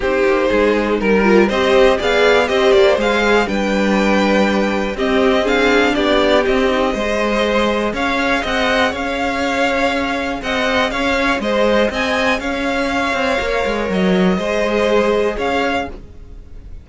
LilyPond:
<<
  \new Staff \with { instrumentName = "violin" } { \time 4/4 \tempo 4 = 121 c''2 ais'4 dis''4 | f''4 dis''8 d''8 f''4 g''4~ | g''2 dis''4 f''4 | d''4 dis''2. |
f''4 fis''4 f''2~ | f''4 fis''4 f''4 dis''4 | gis''4 f''2. | dis''2. f''4 | }
  \new Staff \with { instrumentName = "violin" } { \time 4/4 g'4 gis'4 ais'4 c''4 | d''4 c''2 b'4~ | b'2 g'4 gis'4 | g'2 c''2 |
cis''4 dis''4 cis''2~ | cis''4 dis''4 cis''4 c''4 | dis''4 cis''2.~ | cis''4 c''2 cis''4 | }
  \new Staff \with { instrumentName = "viola" } { \time 4/4 dis'2~ dis'8 f'8 g'4 | gis'4 g'4 gis'4 d'4~ | d'2 c'4 d'4~ | d'4 c'8 dis'8 gis'2~ |
gis'1~ | gis'1~ | gis'2. ais'4~ | ais'4 gis'2. | }
  \new Staff \with { instrumentName = "cello" } { \time 4/4 c'8 ais8 gis4 g4 c'4 | b4 c'8 ais8 gis4 g4~ | g2 c'2 | b4 c'4 gis2 |
cis'4 c'4 cis'2~ | cis'4 c'4 cis'4 gis4 | c'4 cis'4. c'8 ais8 gis8 | fis4 gis2 cis'4 | }
>>